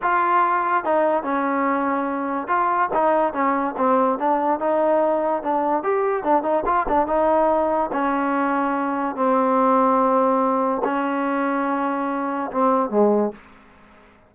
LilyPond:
\new Staff \with { instrumentName = "trombone" } { \time 4/4 \tempo 4 = 144 f'2 dis'4 cis'4~ | cis'2 f'4 dis'4 | cis'4 c'4 d'4 dis'4~ | dis'4 d'4 g'4 d'8 dis'8 |
f'8 d'8 dis'2 cis'4~ | cis'2 c'2~ | c'2 cis'2~ | cis'2 c'4 gis4 | }